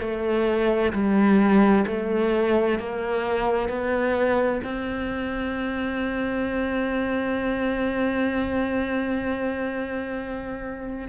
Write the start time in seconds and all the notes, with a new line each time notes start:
0.00 A3
0.93 G3
1.87 A3
2.79 A#3
3.69 B3
4.64 C4